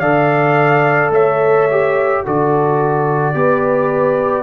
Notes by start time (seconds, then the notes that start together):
0.00 D3 A4 D5 F5
1.10 A3 C#5 E5
1.71 G4
2.25 D3 F#4 A4 D5
3.34 B3 G4 B4